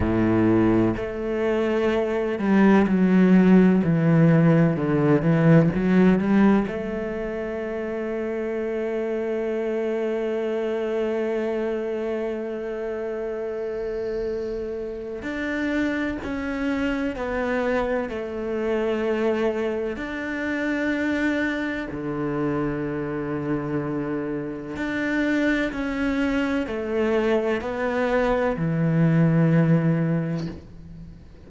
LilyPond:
\new Staff \with { instrumentName = "cello" } { \time 4/4 \tempo 4 = 63 a,4 a4. g8 fis4 | e4 d8 e8 fis8 g8 a4~ | a1~ | a1 |
d'4 cis'4 b4 a4~ | a4 d'2 d4~ | d2 d'4 cis'4 | a4 b4 e2 | }